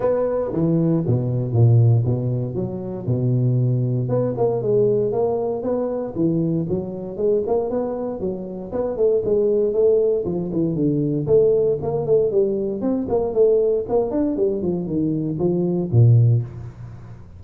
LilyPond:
\new Staff \with { instrumentName = "tuba" } { \time 4/4 \tempo 4 = 117 b4 e4 b,4 ais,4 | b,4 fis4 b,2 | b8 ais8 gis4 ais4 b4 | e4 fis4 gis8 ais8 b4 |
fis4 b8 a8 gis4 a4 | f8 e8 d4 a4 ais8 a8 | g4 c'8 ais8 a4 ais8 d'8 | g8 f8 dis4 f4 ais,4 | }